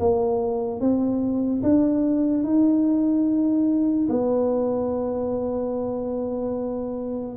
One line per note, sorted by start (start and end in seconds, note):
0.00 0.81 A#3
0.81 1.63 C4
1.63 2.44 D4
2.44 4.08 D#4
4.10 7.37 B3